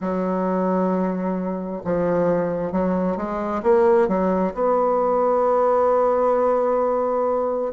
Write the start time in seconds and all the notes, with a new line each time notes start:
0.00 F#3
1.84 F3
2.71 F#3
3.16 G#3
3.62 A#3
4.07 F#3
4.54 B3